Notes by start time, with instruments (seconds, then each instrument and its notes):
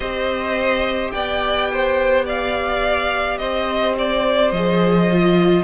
0.00 cello C4, viola G4, violin C5 D#5
1.11 cello B3, violin D5 G5
1.72 violin C5
2.25 violin D5 F5
3.38 cello C4, violin C5 D#5
3.98 violin D5
4.51 cello F3, viola G#4, violin D#5
5.10 viola F4